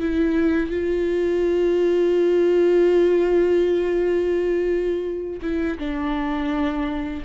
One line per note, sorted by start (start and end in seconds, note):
0.00 0.70 E4
0.70 5.40 F4
5.42 5.78 E4
5.79 7.23 D4